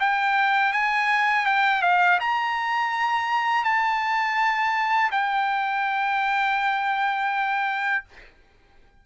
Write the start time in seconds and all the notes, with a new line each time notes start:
0.00 G5
0.73 G#5
1.46 G5
1.82 F5
2.20 A#5
3.64 A5
5.11 G5